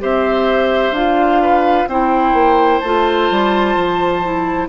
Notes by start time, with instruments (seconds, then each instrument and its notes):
0.00 bassoon C4, clarinet G4, oboe C5, flute E5
0.91 bassoon D4, clarinet F4, flute F5
1.42 oboe B4
1.87 bassoon C4, clarinet E4, oboe C5, flute G5
2.34 bassoon A#3
2.80 bassoon A3, clarinet F4, flute A5
3.31 bassoon G3
3.76 bassoon F3
4.24 clarinet E4